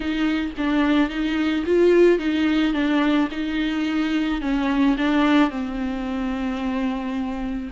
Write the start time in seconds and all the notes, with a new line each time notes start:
0.00 D#4
0.57 D4
1.09 D#4
1.65 F4
2.18 D#4
2.73 D4
3.31 D#4
4.41 C#4
4.97 D4
5.49 C4